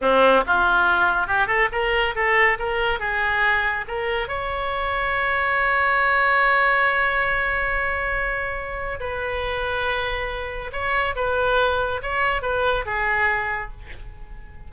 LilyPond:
\new Staff \with { instrumentName = "oboe" } { \time 4/4 \tempo 4 = 140 c'4 f'2 g'8 a'8 | ais'4 a'4 ais'4 gis'4~ | gis'4 ais'4 cis''2~ | cis''1~ |
cis''1~ | cis''4 b'2.~ | b'4 cis''4 b'2 | cis''4 b'4 gis'2 | }